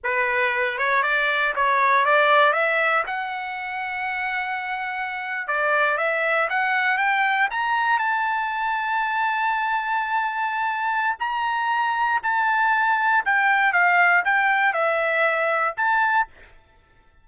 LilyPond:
\new Staff \with { instrumentName = "trumpet" } { \time 4/4 \tempo 4 = 118 b'4. cis''8 d''4 cis''4 | d''4 e''4 fis''2~ | fis''2~ fis''8. d''4 e''16~ | e''8. fis''4 g''4 ais''4 a''16~ |
a''1~ | a''2 ais''2 | a''2 g''4 f''4 | g''4 e''2 a''4 | }